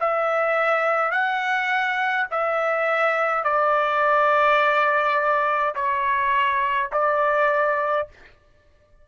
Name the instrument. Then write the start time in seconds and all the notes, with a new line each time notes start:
trumpet
0.00 E5
1.11 F#5
2.31 E5
3.44 D5
5.75 C#5
6.92 D5